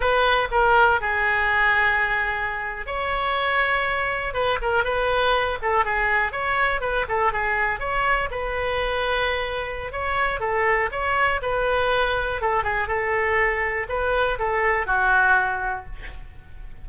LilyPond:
\new Staff \with { instrumentName = "oboe" } { \time 4/4 \tempo 4 = 121 b'4 ais'4 gis'2~ | gis'4.~ gis'16 cis''2~ cis''16~ | cis''8. b'8 ais'8 b'4. a'8 gis'16~ | gis'8. cis''4 b'8 a'8 gis'4 cis''16~ |
cis''8. b'2.~ b'16 | cis''4 a'4 cis''4 b'4~ | b'4 a'8 gis'8 a'2 | b'4 a'4 fis'2 | }